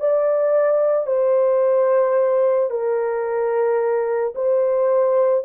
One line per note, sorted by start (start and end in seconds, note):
0.00 1.07 D5
1.07 2.71 C5
2.71 4.34 A#4
4.35 5.44 C5